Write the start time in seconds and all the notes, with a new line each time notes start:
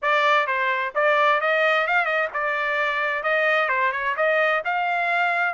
0.01 D5
0.46 C5
0.94 D5
1.41 D#5
1.87 F5
2.05 D#5
2.33 D5
3.23 D#5
3.69 C5
3.92 C#5
4.16 D#5
4.64 F5